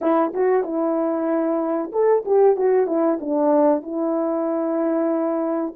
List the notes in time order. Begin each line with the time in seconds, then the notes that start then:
0.01 E4
0.33 F#4
0.63 E4
1.91 A4
2.25 G4
2.56 F#4
2.86 E4
3.20 D4
3.82 E4